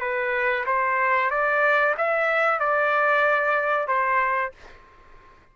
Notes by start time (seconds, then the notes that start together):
0.00 B4
0.66 C5
1.30 D5
1.97 E5
2.60 D5
3.87 C5